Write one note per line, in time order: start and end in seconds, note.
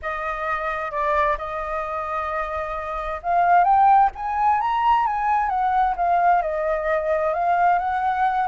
0.01 0.91 D#5
0.91 1.36 D5
1.38 3.21 D#5
3.22 3.64 F5
3.64 4.10 G5
4.15 4.60 G#5
4.60 5.06 A#5
5.06 5.49 G#5
5.49 5.94 F#5
5.96 6.41 F5
6.41 7.33 D#5
7.33 7.78 F5
7.78 8.47 F#5